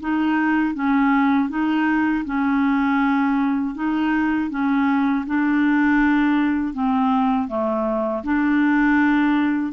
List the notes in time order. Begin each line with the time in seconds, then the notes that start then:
0.00 D#4
0.74 C#4
1.49 D#4
2.25 C#4
3.74 D#4
4.50 C#4
5.26 D4
6.73 C4
7.48 A3
8.23 D4